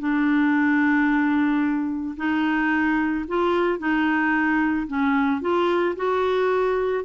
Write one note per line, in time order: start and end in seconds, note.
0.00 2.16 D4
2.17 3.26 D#4
3.29 3.79 F4
3.79 4.87 D#4
4.88 5.42 C#4
5.42 5.96 F4
5.97 7.05 F#4